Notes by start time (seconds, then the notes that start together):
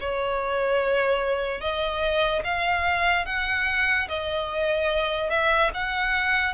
0.00 C#5
1.61 D#5
2.44 F5
3.26 F#5
4.08 D#5
5.30 E5
5.74 F#5